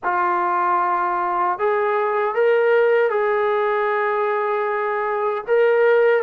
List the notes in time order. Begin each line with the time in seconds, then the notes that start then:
0.03 F4
1.58 G#4
2.34 A#4
3.10 G#4
5.47 A#4